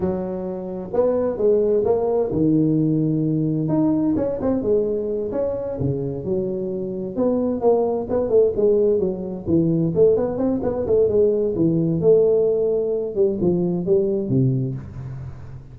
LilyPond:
\new Staff \with { instrumentName = "tuba" } { \time 4/4 \tempo 4 = 130 fis2 b4 gis4 | ais4 dis2. | dis'4 cis'8 c'8 gis4. cis'8~ | cis'8 cis4 fis2 b8~ |
b8 ais4 b8 a8 gis4 fis8~ | fis8 e4 a8 b8 c'8 b8 a8 | gis4 e4 a2~ | a8 g8 f4 g4 c4 | }